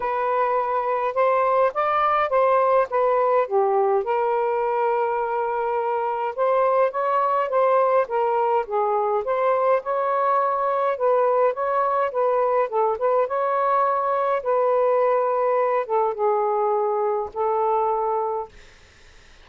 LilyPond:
\new Staff \with { instrumentName = "saxophone" } { \time 4/4 \tempo 4 = 104 b'2 c''4 d''4 | c''4 b'4 g'4 ais'4~ | ais'2. c''4 | cis''4 c''4 ais'4 gis'4 |
c''4 cis''2 b'4 | cis''4 b'4 a'8 b'8 cis''4~ | cis''4 b'2~ b'8 a'8 | gis'2 a'2 | }